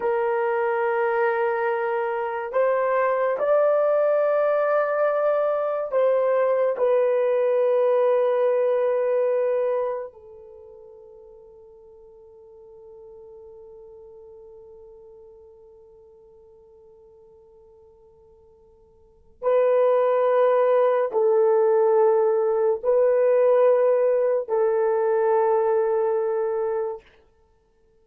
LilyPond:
\new Staff \with { instrumentName = "horn" } { \time 4/4 \tempo 4 = 71 ais'2. c''4 | d''2. c''4 | b'1 | a'1~ |
a'1~ | a'2. b'4~ | b'4 a'2 b'4~ | b'4 a'2. | }